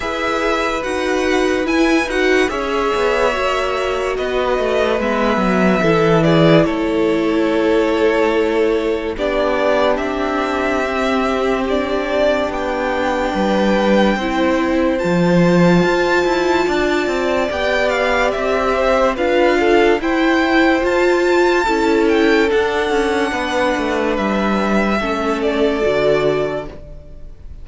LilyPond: <<
  \new Staff \with { instrumentName = "violin" } { \time 4/4 \tempo 4 = 72 e''4 fis''4 gis''8 fis''8 e''4~ | e''4 dis''4 e''4. d''8 | cis''2. d''4 | e''2 d''4 g''4~ |
g''2 a''2~ | a''4 g''8 f''8 e''4 f''4 | g''4 a''4. g''8 fis''4~ | fis''4 e''4. d''4. | }
  \new Staff \with { instrumentName = "violin" } { \time 4/4 b'2. cis''4~ | cis''4 b'2 a'8 gis'8 | a'2. g'4~ | g'1 |
b'4 c''2. | d''2~ d''8 c''8 b'8 a'8 | c''2 a'2 | b'2 a'2 | }
  \new Staff \with { instrumentName = "viola" } { \time 4/4 gis'4 fis'4 e'8 fis'8 gis'4 | fis'2 b4 e'4~ | e'2. d'4~ | d'4 c'4 d'2~ |
d'4 e'4 f'2~ | f'4 g'2 f'4 | e'4 f'4 e'4 d'4~ | d'2 cis'4 fis'4 | }
  \new Staff \with { instrumentName = "cello" } { \time 4/4 e'4 dis'4 e'8 dis'8 cis'8 b8 | ais4 b8 a8 gis8 fis8 e4 | a2. b4 | c'2. b4 |
g4 c'4 f4 f'8 e'8 | d'8 c'8 b4 c'4 d'4 | e'4 f'4 cis'4 d'8 cis'8 | b8 a8 g4 a4 d4 | }
>>